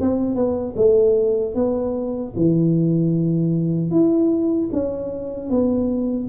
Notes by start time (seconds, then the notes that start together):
0.00 C4
0.35 B3
0.76 A3
1.54 B3
2.35 E3
3.90 E4
4.72 C#4
5.49 B3